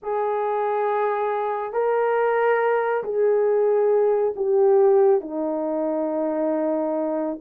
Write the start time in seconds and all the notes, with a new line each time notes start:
0.02 G#4
1.72 A#4
3.03 G#4
4.36 G4
5.21 D#4